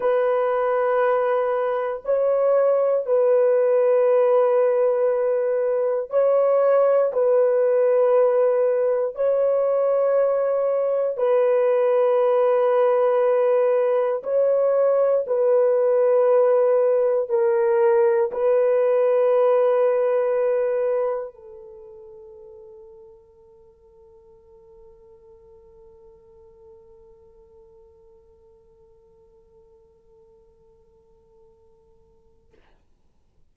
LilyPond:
\new Staff \with { instrumentName = "horn" } { \time 4/4 \tempo 4 = 59 b'2 cis''4 b'4~ | b'2 cis''4 b'4~ | b'4 cis''2 b'4~ | b'2 cis''4 b'4~ |
b'4 ais'4 b'2~ | b'4 a'2.~ | a'1~ | a'1 | }